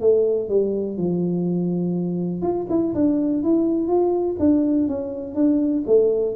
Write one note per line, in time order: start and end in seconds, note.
0.00 0.48 A3
0.48 0.97 G3
0.97 2.42 F3
2.42 2.66 F4
2.69 2.94 E4
2.94 3.43 D4
3.43 3.87 E4
3.87 4.36 F4
4.39 4.87 D4
4.87 5.34 C#4
5.34 5.83 D4
5.86 6.35 A3